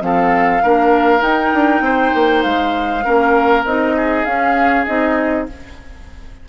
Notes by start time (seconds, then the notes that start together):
0.00 F3 C4 A4 F5
0.63 A#3 D4 A#4
1.19 D#4 G5
1.54 D4
1.80 C4 C5
2.14 A#3
2.42 G#3 F5
3.04 A#3 C#4 A#4
3.64 C4 D#4 D#5
3.97 G#4
4.25 C#4 F5
4.86 C4 D#4 D#5